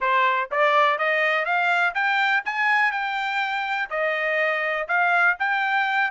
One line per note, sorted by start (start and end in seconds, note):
0.00 0.49 C5
0.51 0.98 D5
0.98 1.45 D#5
1.45 1.93 F5
1.94 2.43 G5
2.45 2.91 G#5
2.91 3.89 G5
3.90 4.87 D#5
4.88 5.36 F5
5.39 6.11 G5